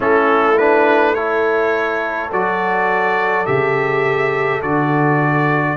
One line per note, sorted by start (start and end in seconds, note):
0.00 2.31 A3
0.00 0.56 C#4
0.00 1.13 E4
0.00 0.58 A4
0.58 1.15 D4
0.58 1.14 B4
1.13 2.31 E4
1.13 5.75 A4
1.13 2.29 C#5
2.31 3.47 F#3
2.31 3.45 F#4
2.31 3.45 D5
3.45 4.61 C#3
3.45 4.61 G4
3.45 4.61 E5
4.61 5.76 D3
4.61 5.77 F#4
4.61 5.77 D5